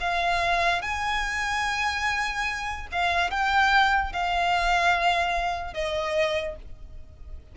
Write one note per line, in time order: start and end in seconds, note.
0.00 0.82 F5
0.82 2.87 G#5
2.92 3.31 F5
3.31 4.13 G5
4.13 5.73 F5
5.73 6.56 D#5